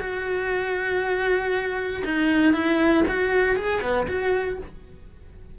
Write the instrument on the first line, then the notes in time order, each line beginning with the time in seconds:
cello
0.00 F#4
2.05 D#4
2.53 E4
3.08 F#4
3.56 G#4
3.82 B3
4.08 F#4